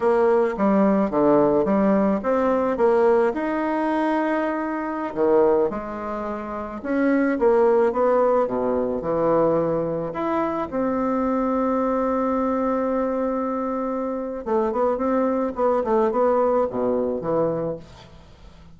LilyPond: \new Staff \with { instrumentName = "bassoon" } { \time 4/4 \tempo 4 = 108 ais4 g4 d4 g4 | c'4 ais4 dis'2~ | dis'4~ dis'16 dis4 gis4.~ gis16~ | gis16 cis'4 ais4 b4 b,8.~ |
b,16 e2 e'4 c'8.~ | c'1~ | c'2 a8 b8 c'4 | b8 a8 b4 b,4 e4 | }